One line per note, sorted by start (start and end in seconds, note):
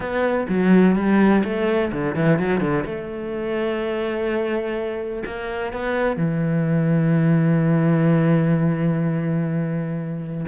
0.00 0.46 B3
0.48 0.95 F#3
0.95 1.43 G3
1.44 1.91 A3
1.92 2.15 D3
2.15 2.38 E3
2.38 2.60 F#3
2.60 2.84 D3
2.85 5.23 A3
5.26 5.72 A#3
5.72 6.16 B3
6.16 10.45 E3